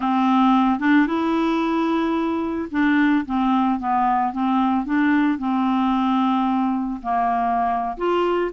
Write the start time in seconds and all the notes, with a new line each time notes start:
0.00 C4
0.79 D4
1.06 E4
2.71 D4
3.25 C4
3.79 B3
4.32 C4
4.85 D4
5.38 C4
7.02 A#3
7.97 F4